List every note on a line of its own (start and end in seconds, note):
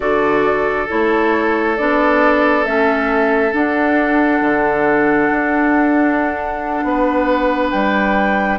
0.00 0.86 D3
0.00 0.87 F#4
0.00 6.84 A4
0.00 0.88 D5
0.88 1.79 A3
0.88 1.76 E4
0.88 1.76 C#5
1.76 2.65 B3
1.76 2.65 D4
1.76 2.65 D5
2.65 3.53 A3
2.65 3.51 C#4
2.65 3.52 E5
3.51 8.58 D4
3.51 4.41 D4
3.51 7.70 F#5
4.41 5.29 D3
5.30 6.83 D4
6.83 7.72 B3
6.83 8.59 B4
7.70 8.59 G3
7.70 8.58 G5